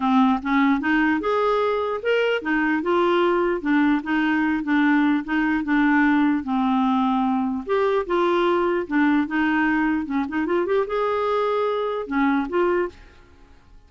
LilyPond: \new Staff \with { instrumentName = "clarinet" } { \time 4/4 \tempo 4 = 149 c'4 cis'4 dis'4 gis'4~ | gis'4 ais'4 dis'4 f'4~ | f'4 d'4 dis'4. d'8~ | d'4 dis'4 d'2 |
c'2. g'4 | f'2 d'4 dis'4~ | dis'4 cis'8 dis'8 f'8 g'8 gis'4~ | gis'2 cis'4 f'4 | }